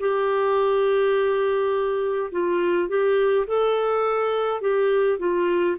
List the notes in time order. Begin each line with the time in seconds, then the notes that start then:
0.00 G4
2.31 F4
2.89 G4
3.47 A4
4.61 G4
5.19 F4